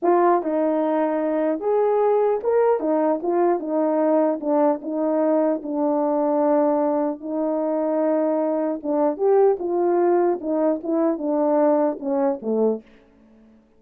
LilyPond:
\new Staff \with { instrumentName = "horn" } { \time 4/4 \tempo 4 = 150 f'4 dis'2. | gis'2 ais'4 dis'4 | f'4 dis'2 d'4 | dis'2 d'2~ |
d'2 dis'2~ | dis'2 d'4 g'4 | f'2 dis'4 e'4 | d'2 cis'4 a4 | }